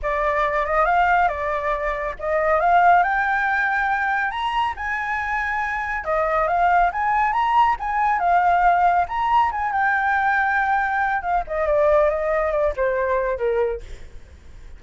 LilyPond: \new Staff \with { instrumentName = "flute" } { \time 4/4 \tempo 4 = 139 d''4. dis''8 f''4 d''4~ | d''4 dis''4 f''4 g''4~ | g''2 ais''4 gis''4~ | gis''2 dis''4 f''4 |
gis''4 ais''4 gis''4 f''4~ | f''4 ais''4 gis''8 g''4.~ | g''2 f''8 dis''8 d''4 | dis''4 d''8 c''4. ais'4 | }